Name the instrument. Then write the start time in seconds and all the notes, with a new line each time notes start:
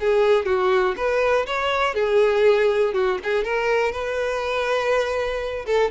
violin
0.00 G#4
0.46 F#4
0.96 B4
1.46 C#5
1.94 G#4
2.93 F#4
3.24 G#4
3.44 A#4
3.92 B4
5.66 A4